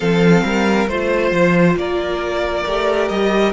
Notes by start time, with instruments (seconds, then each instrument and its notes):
0.00 cello F3, viola C4, violin A4 F5
0.43 cello G3, violin A#4
0.88 cello A3, viola F4, violin C5
1.31 cello F3
1.76 cello A#3, violin A#4 D5
2.65 cello A3, viola G4
3.08 cello G3, violin D#5